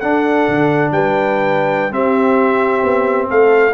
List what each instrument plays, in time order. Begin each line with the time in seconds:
0.00 tuba D4, trombone D4, horn A4, trumpet F#5
0.48 tuba D3
0.91 tuba G3, horn B4, trumpet G5
1.91 trombone C4, tuba C4, horn G4, trumpet E5
2.83 tuba B3
3.29 tuba A3, horn A4, trumpet F5